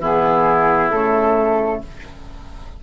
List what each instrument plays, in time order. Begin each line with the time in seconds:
0.00 bassoon E3, clarinet B3, oboe E4, flute G#4
0.91 bassoon C#3, clarinet A3, flute A4